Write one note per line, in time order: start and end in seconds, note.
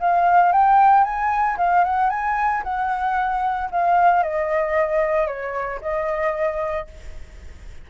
0.00 0.52 F5
0.52 1.04 G5
1.04 1.57 G#5
1.58 1.84 F5
1.84 2.10 F#5
2.10 2.63 G#5
2.64 3.70 F#5
3.71 4.23 F5
4.23 5.27 D#5
5.27 5.80 C#5
5.81 6.87 D#5